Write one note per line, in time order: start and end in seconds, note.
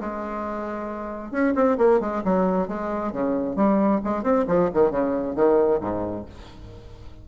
0.00 1.31 G#3
1.31 1.54 C#4
1.55 1.77 C4
1.78 2.00 A#3
2.00 2.22 G#3
2.24 2.68 F#3
2.68 3.12 G#3
3.12 3.56 C#3
3.56 4.01 G3
4.04 4.23 G#3
4.23 4.45 C4
4.47 4.69 F3
4.73 4.91 D#3
4.91 5.35 C#3
5.35 5.80 D#3
5.80 6.25 G#2